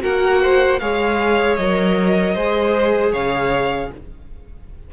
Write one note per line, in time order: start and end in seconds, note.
0.00 0.81 A#3
0.00 0.78 F#4
0.00 0.41 A#4
0.00 0.79 F#5
0.41 0.80 C5
0.79 1.58 G#3
0.79 1.59 G#4
0.79 2.34 C#5
0.79 1.56 F5
1.56 2.35 F#3
1.56 2.37 A#4
1.56 3.12 D#5
2.34 3.13 G#3
2.34 3.93 G#4
2.34 3.12 C5
3.12 3.91 C#3
3.12 3.90 C#5
3.12 3.91 F5